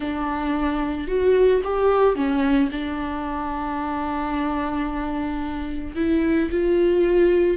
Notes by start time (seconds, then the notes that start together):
0.00 D4
1.07 F#4
1.64 G4
2.15 C#4
2.71 D4
5.95 E4
6.50 F4